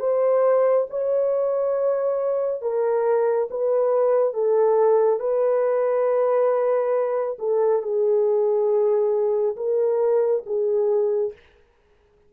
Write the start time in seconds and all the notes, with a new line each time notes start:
0.00 C5
0.90 C#5
2.62 A#4
3.51 B4
4.34 A4
5.20 B4
7.39 A4
7.83 G#4
9.57 A#4
10.46 G#4